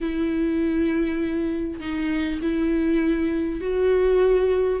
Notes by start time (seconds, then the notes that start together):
0.00 E4
1.79 D#4
2.42 E4
3.60 F#4